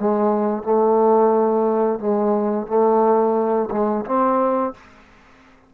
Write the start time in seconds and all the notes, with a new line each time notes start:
0.00 G#3
0.64 A3
2.00 G#3
2.67 A3
3.71 G#3
4.06 C4